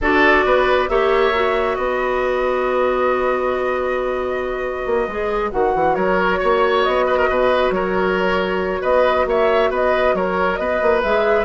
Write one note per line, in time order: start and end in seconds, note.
0.01 0.45 D4
0.01 0.88 F#4
0.01 0.45 A4
0.01 0.88 D5
0.45 0.89 B3
0.45 0.90 B4
0.88 1.77 A#3
0.88 1.32 G4
0.88 1.77 C#5
0.88 1.75 E5
1.33 5.08 F#4
1.75 4.85 B3
1.75 5.95 B4
1.75 5.50 D#5
4.85 5.07 A#3
5.07 5.51 G#3
5.07 5.50 G#4
5.50 5.74 D#3
5.50 11.02 F#4
5.50 5.94 F#5
5.74 5.96 E3
5.94 6.40 F#3
5.94 6.39 A#4
5.94 6.82 C#5
6.39 6.86 A#3
6.39 7.05 C#5
6.82 7.28 B3
6.82 7.70 D#5
7.06 7.17 B4
7.17 7.28 A#4
7.28 7.70 B2
7.28 7.74 B4
7.70 8.80 F#3
7.70 8.81 A#4
7.70 8.83 C#5
8.81 9.25 B3
8.81 9.25 B4
8.81 9.27 D#5
9.25 9.69 A#3
9.25 9.70 C#5
9.25 9.73 E5
9.70 10.14 B3
9.70 10.14 B4
9.70 10.15 D#5
10.14 10.58 F#3
10.14 10.59 A#4
10.14 10.56 C#5
10.56 10.80 B3
10.56 11.45 B4
10.56 11.00 D#5
10.82 11.03 A#3
11.02 11.45 G#3
11.02 11.45 G#4
11.02 11.45 E5